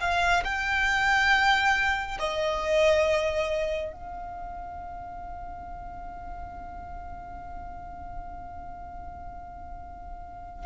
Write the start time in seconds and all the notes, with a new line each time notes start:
0.00 F5
0.44 G5
2.19 D#5
3.93 F5